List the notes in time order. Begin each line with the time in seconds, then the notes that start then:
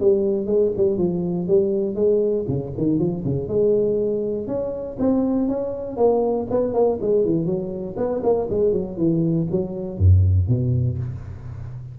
0.00 G3
0.46 G#3
0.77 G3
0.98 F3
1.48 G3
1.95 G#3
2.48 C#3
2.77 D#3
2.99 F3
3.25 C#3
3.48 G#3
4.47 C#4
5.00 C4
5.49 C#4
5.97 A#3
6.50 B3
6.74 A#3
7.02 G#3
7.25 E3
7.46 F#3
7.97 B3
8.23 A#3
8.50 G#3
8.73 F#3
8.97 E3
9.51 F#3
9.98 F#2
10.48 B2